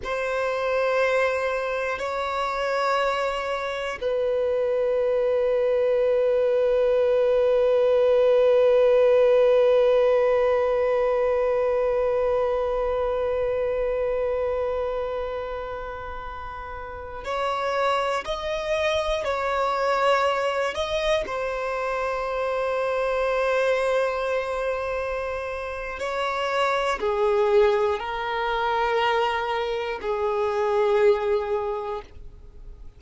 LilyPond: \new Staff \with { instrumentName = "violin" } { \time 4/4 \tempo 4 = 60 c''2 cis''2 | b'1~ | b'1~ | b'1~ |
b'4~ b'16 cis''4 dis''4 cis''8.~ | cis''8. dis''8 c''2~ c''8.~ | c''2 cis''4 gis'4 | ais'2 gis'2 | }